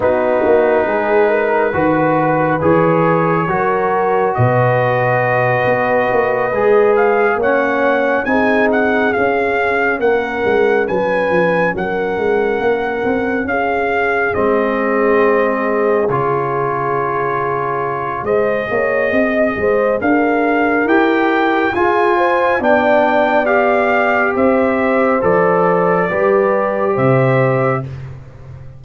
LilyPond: <<
  \new Staff \with { instrumentName = "trumpet" } { \time 4/4 \tempo 4 = 69 b'2. cis''4~ | cis''4 dis''2. | f''8 fis''4 gis''8 fis''8 f''4 fis''8~ | fis''8 gis''4 fis''2 f''8~ |
f''8 dis''2 cis''4.~ | cis''4 dis''2 f''4 | g''4 gis''4 g''4 f''4 | e''4 d''2 e''4 | }
  \new Staff \with { instrumentName = "horn" } { \time 4/4 fis'4 gis'8 ais'8 b'2 | ais'4 b'2.~ | b'8 cis''4 gis'2 ais'8~ | ais'8 b'4 ais'2 gis'8~ |
gis'1~ | gis'4 c''8 cis''8 dis''8 c''8 ais'4~ | ais'4 gis'8 c''8 d''2 | c''2 b'4 c''4 | }
  \new Staff \with { instrumentName = "trombone" } { \time 4/4 dis'2 fis'4 gis'4 | fis'2.~ fis'8 gis'8~ | gis'8 cis'4 dis'4 cis'4.~ | cis'1~ |
cis'8 c'2 f'4.~ | f'4 gis'2. | g'4 f'4 d'4 g'4~ | g'4 a'4 g'2 | }
  \new Staff \with { instrumentName = "tuba" } { \time 4/4 b8 ais8 gis4 dis4 e4 | fis4 b,4. b8 ais8 gis8~ | gis8 ais4 c'4 cis'4 ais8 | gis8 fis8 f8 fis8 gis8 ais8 c'8 cis'8~ |
cis'8 gis2 cis4.~ | cis4 gis8 ais8 c'8 gis8 d'4 | e'4 f'4 b2 | c'4 f4 g4 c4 | }
>>